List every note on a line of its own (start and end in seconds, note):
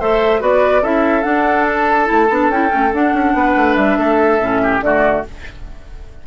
0.00 0.41 A3
0.00 0.40 A4
0.00 0.41 C5
0.00 0.42 E5
0.40 0.82 B3
0.40 0.82 F#4
0.40 0.82 B4
0.40 0.84 D5
0.82 1.24 C#4
0.82 1.23 E4
0.82 3.33 A4
0.82 1.23 E5
1.23 2.05 D4
1.23 2.09 D4
1.23 1.65 F#5
1.68 2.51 A5
2.05 2.29 A3
2.05 2.26 E4
2.29 2.49 B3
2.29 2.52 D4
2.49 2.70 C#4
2.49 2.68 E4
2.49 2.93 G5
2.68 2.93 A3
2.68 2.89 C#4
2.93 3.13 D4
2.93 4.41 D4
2.93 3.75 F#5
3.13 3.34 C#4
3.34 3.55 B3
3.34 3.99 B4
3.56 3.76 A3
3.75 3.97 G3
3.75 4.80 E5
3.98 4.39 A3
3.98 4.62 A4
4.39 4.81 A2
4.39 4.83 C#4
4.63 4.84 G4
4.81 5.23 D3
4.81 5.25 A3
4.81 5.27 F#4
4.81 5.24 D5